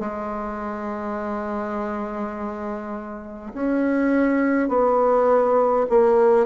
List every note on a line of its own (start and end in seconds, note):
0.00 3.53 G#3
3.54 4.68 C#4
4.68 5.86 B3
5.89 6.46 A#3